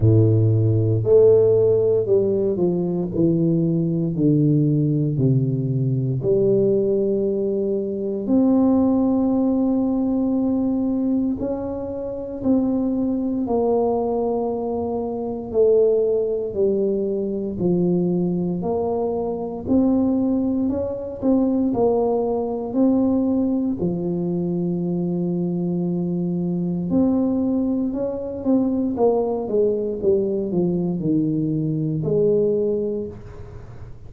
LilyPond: \new Staff \with { instrumentName = "tuba" } { \time 4/4 \tempo 4 = 58 a,4 a4 g8 f8 e4 | d4 c4 g2 | c'2. cis'4 | c'4 ais2 a4 |
g4 f4 ais4 c'4 | cis'8 c'8 ais4 c'4 f4~ | f2 c'4 cis'8 c'8 | ais8 gis8 g8 f8 dis4 gis4 | }